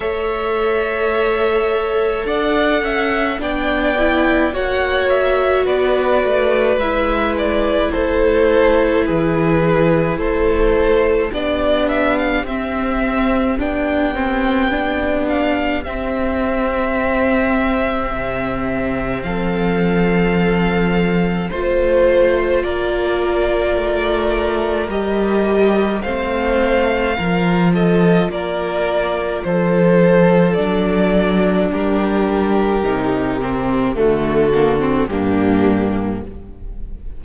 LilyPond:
<<
  \new Staff \with { instrumentName = "violin" } { \time 4/4 \tempo 4 = 53 e''2 fis''4 g''4 | fis''8 e''8 d''4 e''8 d''8 c''4 | b'4 c''4 d''8 e''16 f''16 e''4 | g''4. f''8 e''2~ |
e''4 f''2 c''4 | d''2 dis''4 f''4~ | f''8 dis''8 d''4 c''4 d''4 | ais'2 a'4 g'4 | }
  \new Staff \with { instrumentName = "violin" } { \time 4/4 cis''2 d''8 e''8 d''4 | cis''4 b'2 a'4 | gis'4 a'4 g'2~ | g'1~ |
g'4 a'2 c''4 | ais'2. c''4 | ais'8 a'8 ais'4 a'2 | g'2 fis'4 d'4 | }
  \new Staff \with { instrumentName = "viola" } { \time 4/4 a'2. d'8 e'8 | fis'2 e'2~ | e'2 d'4 c'4 | d'8 c'8 d'4 c'2~ |
c'2. f'4~ | f'2 g'4 c'4 | f'2. d'4~ | d'4 dis'8 c'8 a8 ais16 c'16 ais4 | }
  \new Staff \with { instrumentName = "cello" } { \time 4/4 a2 d'8 cis'8 b4 | ais4 b8 a8 gis4 a4 | e4 a4 b4 c'4 | b2 c'2 |
c4 f2 a4 | ais4 a4 g4 a4 | f4 ais4 f4 fis4 | g4 c4 d4 g,4 | }
>>